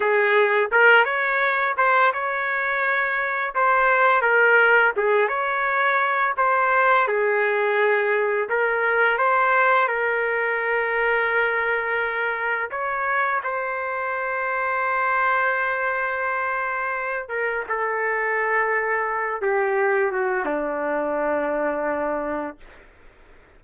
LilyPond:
\new Staff \with { instrumentName = "trumpet" } { \time 4/4 \tempo 4 = 85 gis'4 ais'8 cis''4 c''8 cis''4~ | cis''4 c''4 ais'4 gis'8 cis''8~ | cis''4 c''4 gis'2 | ais'4 c''4 ais'2~ |
ais'2 cis''4 c''4~ | c''1~ | c''8 ais'8 a'2~ a'8 g'8~ | g'8 fis'8 d'2. | }